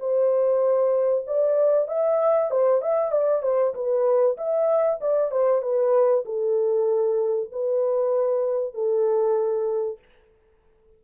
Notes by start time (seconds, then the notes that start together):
0.00 C5
1.27 D5
1.88 E5
2.51 C5
2.82 E5
3.12 D5
3.43 C5
3.75 B4
4.38 E5
5.01 D5
5.32 C5
5.62 B4
6.26 A4
7.52 B4
8.74 A4